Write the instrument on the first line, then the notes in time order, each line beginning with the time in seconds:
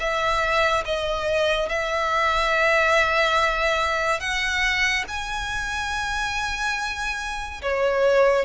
violin
0.00 E5
0.86 D#5
1.69 E5
4.20 F#5
5.09 G#5
7.62 C#5